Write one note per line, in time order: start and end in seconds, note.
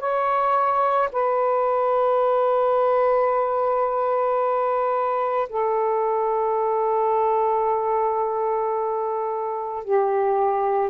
0.00 1.09 C#5
1.13 5.49 B4
5.49 9.84 A4
9.84 10.90 G4